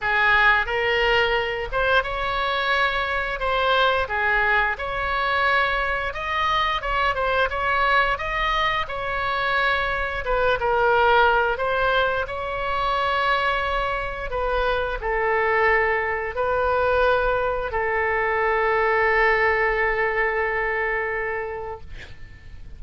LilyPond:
\new Staff \with { instrumentName = "oboe" } { \time 4/4 \tempo 4 = 88 gis'4 ais'4. c''8 cis''4~ | cis''4 c''4 gis'4 cis''4~ | cis''4 dis''4 cis''8 c''8 cis''4 | dis''4 cis''2 b'8 ais'8~ |
ais'4 c''4 cis''2~ | cis''4 b'4 a'2 | b'2 a'2~ | a'1 | }